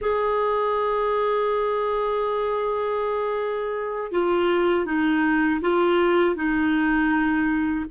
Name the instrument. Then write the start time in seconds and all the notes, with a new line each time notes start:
clarinet
0.01 G#4
4.11 F4
4.85 D#4
5.61 F4
6.35 D#4